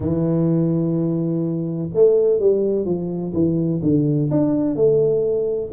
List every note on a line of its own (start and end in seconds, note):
0.00 1.89 E3
1.94 2.39 A3
2.39 2.85 G3
2.85 3.32 F3
3.33 3.81 E3
3.82 4.30 D3
4.30 4.75 D4
4.75 5.71 A3